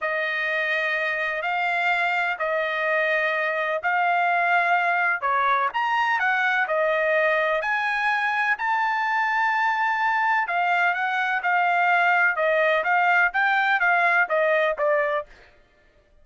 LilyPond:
\new Staff \with { instrumentName = "trumpet" } { \time 4/4 \tempo 4 = 126 dis''2. f''4~ | f''4 dis''2. | f''2. cis''4 | ais''4 fis''4 dis''2 |
gis''2 a''2~ | a''2 f''4 fis''4 | f''2 dis''4 f''4 | g''4 f''4 dis''4 d''4 | }